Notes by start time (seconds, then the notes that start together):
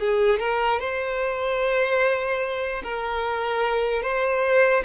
0.00 G#4
0.40 A#4
0.80 C5
2.83 A#4
4.02 C5